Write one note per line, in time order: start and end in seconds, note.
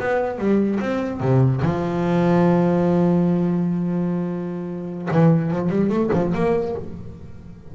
0.00 0.39 B3
0.39 0.80 G3
0.80 1.21 C4
1.21 1.62 C3
1.62 5.09 F3
5.11 5.51 E3
5.51 5.69 F3
5.69 5.90 G3
5.90 6.10 A3
6.13 6.34 F3
6.35 6.76 A#3